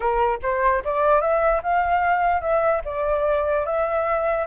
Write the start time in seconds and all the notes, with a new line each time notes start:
0.00 A#4
0.42 C5
0.84 D5
1.21 E5
1.62 F5
2.41 E5
2.84 D5
3.65 E5